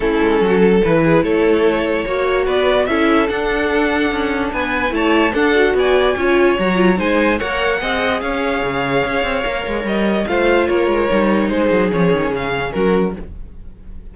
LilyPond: <<
  \new Staff \with { instrumentName = "violin" } { \time 4/4 \tempo 4 = 146 a'2 b'4 cis''4~ | cis''2 d''4 e''4 | fis''2. gis''4 | a''4 fis''4 gis''2 |
ais''4 gis''4 fis''2 | f''1 | dis''4 f''4 cis''2 | c''4 cis''4 f''4 ais'4 | }
  \new Staff \with { instrumentName = "violin" } { \time 4/4 e'4 fis'8 a'4 gis'8 a'4~ | a'4 cis''4 b'4 a'4~ | a'2. b'4 | cis''4 a'4 d''4 cis''4~ |
cis''4 c''4 cis''4 dis''4 | cis''1~ | cis''4 c''4 ais'2 | gis'2. fis'4 | }
  \new Staff \with { instrumentName = "viola" } { \time 4/4 cis'2 e'2~ | e'4 fis'2 e'4 | d'1 | e'4 d'8 fis'4. f'4 |
fis'8 f'8 dis'4 ais'4 gis'4~ | gis'2. ais'4~ | ais'4 f'2 dis'4~ | dis'4 cis'2. | }
  \new Staff \with { instrumentName = "cello" } { \time 4/4 a8 gis8 fis4 e4 a4~ | a4 ais4 b4 cis'4 | d'2 cis'4 b4 | a4 d'4 b4 cis'4 |
fis4 gis4 ais4 c'4 | cis'4 cis4 cis'8 c'8 ais8 gis8 | g4 a4 ais8 gis8 g4 | gis8 fis8 f8 dis8 cis4 fis4 | }
>>